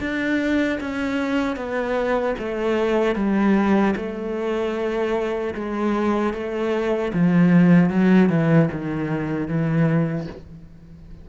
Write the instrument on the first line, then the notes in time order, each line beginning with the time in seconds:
cello
0.00 D4
0.80 C#4
1.56 B3
2.38 A3
3.15 G3
3.96 A3
5.54 G#3
6.33 A3
7.13 F3
7.89 F#3
8.29 E3
8.72 D#3
9.48 E3